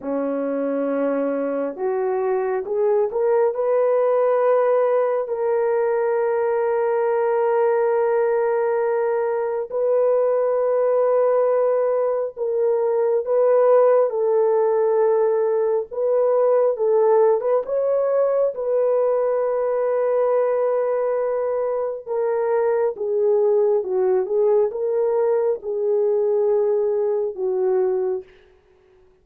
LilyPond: \new Staff \with { instrumentName = "horn" } { \time 4/4 \tempo 4 = 68 cis'2 fis'4 gis'8 ais'8 | b'2 ais'2~ | ais'2. b'4~ | b'2 ais'4 b'4 |
a'2 b'4 a'8. b'16 | cis''4 b'2.~ | b'4 ais'4 gis'4 fis'8 gis'8 | ais'4 gis'2 fis'4 | }